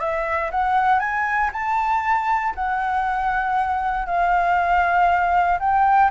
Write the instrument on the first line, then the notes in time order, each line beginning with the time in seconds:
flute
0.00 E5
0.51 F#5
1.00 G#5
1.53 A5
2.55 F#5
4.07 F5
5.60 G5